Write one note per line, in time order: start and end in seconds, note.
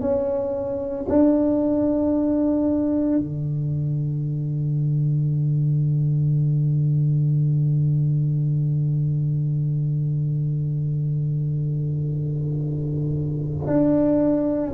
0.00 1.05 C#4
1.08 3.18 D4
3.18 13.67 D3
13.67 14.72 D4